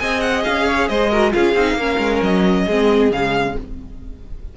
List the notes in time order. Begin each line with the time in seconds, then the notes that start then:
0.00 C4 G#4 D#5 G#5
0.21 F#5
0.44 C#4 F5
0.67 C#5
0.89 G#3 C5 D#5
1.11 F#4 A#4
1.32 C#4 F4 G#4 F5
1.55 C4 D#4
1.74 A#3 C#4 A#4
1.99 G#3
2.23 F#3 D#5
2.65 G#3 C4 G#4
3.12 C#3 G#3 F5